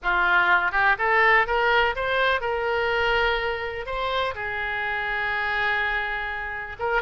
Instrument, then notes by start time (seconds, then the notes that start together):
oboe
0.02 F4
0.71 G4
0.98 A4
1.46 A#4
1.95 C5
2.40 A#4
3.86 C5
4.34 G#4
6.79 A#4